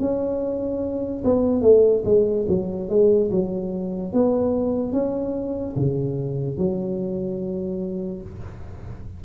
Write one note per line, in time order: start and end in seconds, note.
0.00 1.23 C#4
1.24 1.62 B3
1.62 2.03 A3
2.05 2.46 G#3
2.48 2.90 F#3
2.90 3.31 G#3
3.31 4.13 F#3
4.13 4.93 B3
4.93 5.75 C#4
5.76 6.58 C#3
6.58 8.22 F#3